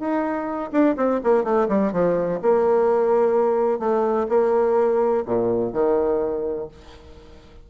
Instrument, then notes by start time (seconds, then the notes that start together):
bassoon
0.00 D#4
0.72 D4
0.97 C4
1.24 A#3
1.44 A3
1.69 G3
1.93 F3
2.42 A#3
3.80 A3
4.29 A#3
5.26 A#2
5.73 D#3